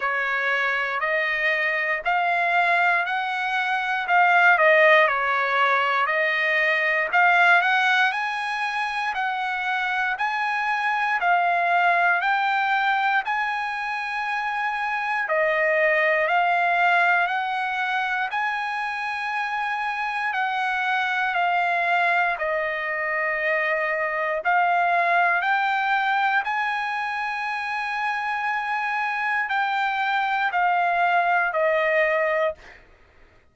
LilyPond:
\new Staff \with { instrumentName = "trumpet" } { \time 4/4 \tempo 4 = 59 cis''4 dis''4 f''4 fis''4 | f''8 dis''8 cis''4 dis''4 f''8 fis''8 | gis''4 fis''4 gis''4 f''4 | g''4 gis''2 dis''4 |
f''4 fis''4 gis''2 | fis''4 f''4 dis''2 | f''4 g''4 gis''2~ | gis''4 g''4 f''4 dis''4 | }